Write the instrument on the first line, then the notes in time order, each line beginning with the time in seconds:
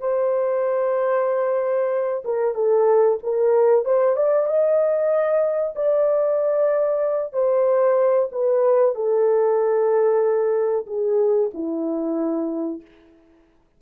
horn
0.00 C5
2.25 A#4
2.55 A4
3.23 A#4
3.85 C5
4.16 D5
4.47 D#5
5.76 D5
7.33 C5
8.32 B4
8.95 A4
10.87 G#4
11.54 E4